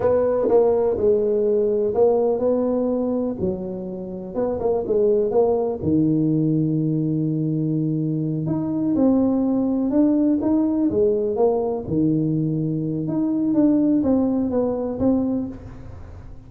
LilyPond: \new Staff \with { instrumentName = "tuba" } { \time 4/4 \tempo 4 = 124 b4 ais4 gis2 | ais4 b2 fis4~ | fis4 b8 ais8 gis4 ais4 | dis1~ |
dis4. dis'4 c'4.~ | c'8 d'4 dis'4 gis4 ais8~ | ais8 dis2~ dis8 dis'4 | d'4 c'4 b4 c'4 | }